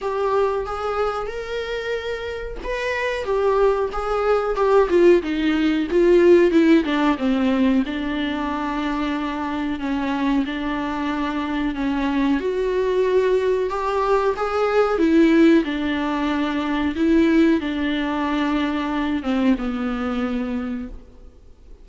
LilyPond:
\new Staff \with { instrumentName = "viola" } { \time 4/4 \tempo 4 = 92 g'4 gis'4 ais'2 | b'4 g'4 gis'4 g'8 f'8 | dis'4 f'4 e'8 d'8 c'4 | d'2. cis'4 |
d'2 cis'4 fis'4~ | fis'4 g'4 gis'4 e'4 | d'2 e'4 d'4~ | d'4. c'8 b2 | }